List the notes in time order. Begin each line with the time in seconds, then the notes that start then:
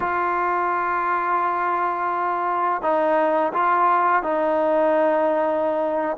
0.00 F4
2.81 D#4
3.53 F4
4.22 D#4